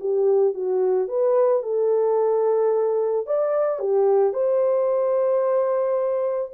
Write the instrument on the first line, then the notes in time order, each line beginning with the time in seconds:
horn
0.00 G4
0.54 F#4
1.08 B4
1.63 A4
3.26 D5
3.79 G4
4.33 C5